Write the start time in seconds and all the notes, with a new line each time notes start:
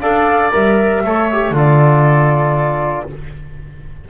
0.00 D4 A4 D5 F5
0.52 G3 A#4 E5
1.04 A3 A4 C#5
1.32 G4
1.51 D3 F4 A4
1.57 D5